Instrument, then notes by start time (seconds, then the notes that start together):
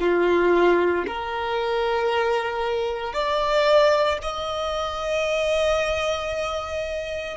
violin
0.00 F4
1.07 A#4
3.13 D5
4.22 D#5